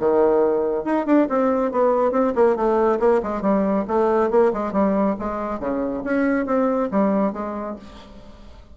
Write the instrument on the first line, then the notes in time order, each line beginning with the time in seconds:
bassoon
0.00 D#3
0.85 D#4
1.06 D4
1.30 C4
1.72 B3
2.12 C4
2.35 A#3
2.56 A3
3.00 A#3
3.23 G#3
3.42 G3
3.88 A3
4.31 A#3
4.53 G#3
4.73 G3
5.19 G#3
5.60 C#3
6.04 C#4
6.46 C4
6.92 G3
7.33 G#3